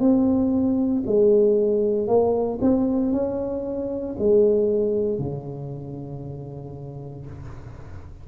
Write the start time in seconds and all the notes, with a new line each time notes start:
0.00 C4
1.06 G#3
2.08 A#3
2.61 C4
3.12 C#4
4.19 G#3
5.19 C#3